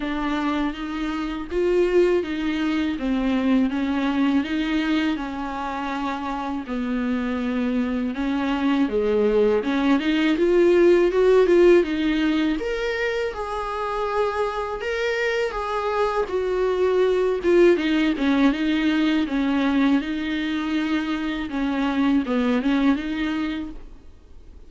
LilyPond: \new Staff \with { instrumentName = "viola" } { \time 4/4 \tempo 4 = 81 d'4 dis'4 f'4 dis'4 | c'4 cis'4 dis'4 cis'4~ | cis'4 b2 cis'4 | gis4 cis'8 dis'8 f'4 fis'8 f'8 |
dis'4 ais'4 gis'2 | ais'4 gis'4 fis'4. f'8 | dis'8 cis'8 dis'4 cis'4 dis'4~ | dis'4 cis'4 b8 cis'8 dis'4 | }